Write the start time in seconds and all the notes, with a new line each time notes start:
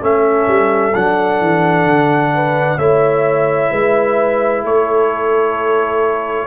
0.00 A3 C#4 A4 E5
0.47 G3
0.93 F#3 D4 F#5
1.40 E3
1.85 D3
2.34 B4
2.77 A3 E4 C#5 E5
3.70 G#3 B4
4.63 A3 A4 C#5